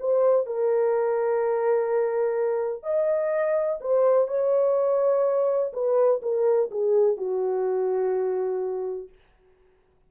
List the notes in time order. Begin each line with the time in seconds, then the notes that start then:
0.00 C5
0.46 A#4
2.83 D#5
3.81 C5
4.28 C#5
5.73 B4
6.22 A#4
6.71 G#4
7.17 F#4